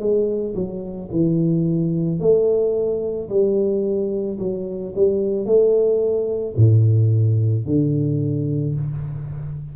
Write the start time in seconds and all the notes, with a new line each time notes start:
0.00 G#3
0.55 F#3
1.12 E3
2.20 A3
3.30 G3
4.39 F#3
4.96 G3
5.46 A3
6.57 A2
7.66 D3